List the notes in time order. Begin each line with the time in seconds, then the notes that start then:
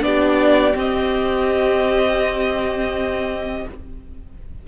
0.00 B3 D4 G4 D5
0.74 C4 D#5